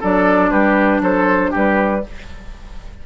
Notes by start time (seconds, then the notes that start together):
0.00 F#3 D4 A4 D5
0.51 G3 G4 B4
1.01 F#3 A4 C5
1.51 G3 G4 B4